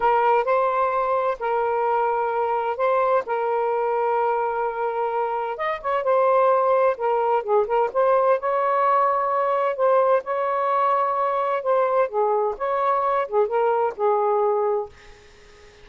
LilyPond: \new Staff \with { instrumentName = "saxophone" } { \time 4/4 \tempo 4 = 129 ais'4 c''2 ais'4~ | ais'2 c''4 ais'4~ | ais'1 | dis''8 cis''8 c''2 ais'4 |
gis'8 ais'8 c''4 cis''2~ | cis''4 c''4 cis''2~ | cis''4 c''4 gis'4 cis''4~ | cis''8 gis'8 ais'4 gis'2 | }